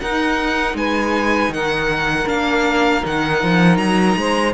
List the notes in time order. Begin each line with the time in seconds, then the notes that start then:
0.00 D#4 A#4 F#5
0.74 G#3 B4 G#5
1.49 D#3 A#4 F#5
2.25 A#3 D4 F5
3.01 D#3 D#4 F#5
3.43 F3
3.77 F#3 A#5
4.16 G#3 C5